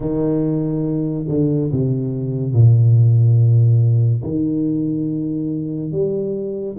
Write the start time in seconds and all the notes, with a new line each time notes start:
0.00 D#3
1.28 D3
1.71 C3
2.53 A#2
4.23 D#3
5.91 G3